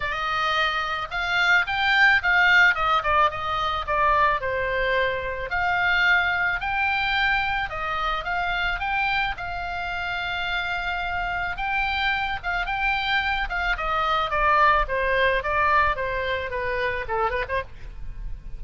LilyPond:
\new Staff \with { instrumentName = "oboe" } { \time 4/4 \tempo 4 = 109 dis''2 f''4 g''4 | f''4 dis''8 d''8 dis''4 d''4 | c''2 f''2 | g''2 dis''4 f''4 |
g''4 f''2.~ | f''4 g''4. f''8 g''4~ | g''8 f''8 dis''4 d''4 c''4 | d''4 c''4 b'4 a'8 b'16 c''16 | }